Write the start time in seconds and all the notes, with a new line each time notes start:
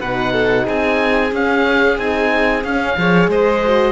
0.00 B2 D#4 B4 F#5
0.32 A4
0.64 C4 G#4 G#5
1.31 C#4 F5
1.97 C4 D#4 G#5
2.64 C#4 F5
2.97 F3 G#4 C#5
3.28 G#3 C5 D#5
3.65 F#4